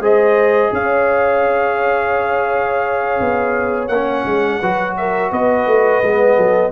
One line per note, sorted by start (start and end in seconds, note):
0.00 0.71 G#3
0.00 3.90 G#4
0.00 0.72 C5
0.00 0.74 D#5
0.73 3.20 C#4
0.73 4.60 C#5
0.73 3.88 F5
3.20 3.89 B3
3.88 4.24 A#3
3.88 4.94 F#5
3.94 4.62 C#4
4.25 4.60 G#3
4.60 5.31 F#3
4.60 6.04 F#4
4.60 4.95 B4
4.97 5.31 A#4
4.97 5.32 E5
5.31 5.66 B3
5.31 6.36 B4
5.31 6.72 D#5
5.66 6.02 A3
6.03 6.37 G#3
6.03 6.72 B3
6.36 6.72 F#3
6.36 6.71 A4